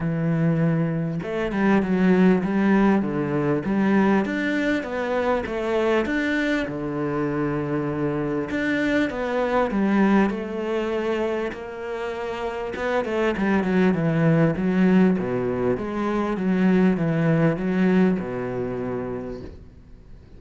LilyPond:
\new Staff \with { instrumentName = "cello" } { \time 4/4 \tempo 4 = 99 e2 a8 g8 fis4 | g4 d4 g4 d'4 | b4 a4 d'4 d4~ | d2 d'4 b4 |
g4 a2 ais4~ | ais4 b8 a8 g8 fis8 e4 | fis4 b,4 gis4 fis4 | e4 fis4 b,2 | }